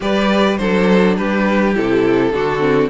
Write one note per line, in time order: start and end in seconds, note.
0.00 0.59 G3
0.00 0.58 G4
0.00 0.59 B4
0.00 0.57 D5
0.57 1.18 F#3
0.57 1.74 D4
0.57 1.16 A4
0.57 1.15 C5
1.16 1.76 G3
1.16 2.33 G4
1.16 1.75 B4
1.74 2.32 C3
1.74 2.33 E4
1.74 2.89 A4
2.32 2.89 D3
2.32 2.59 D4
2.32 2.89 F#4
2.59 2.88 C4